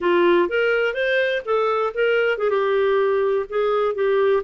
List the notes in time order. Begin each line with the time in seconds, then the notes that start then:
0.00 F4
0.48 A#4
0.94 C5
1.45 A4
1.94 A#4
2.38 G#4
2.50 G4
3.49 G#4
3.95 G4